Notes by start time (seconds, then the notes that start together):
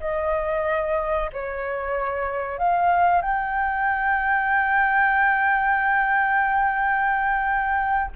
0.00 D#5
1.33 C#5
2.58 F5
3.22 G5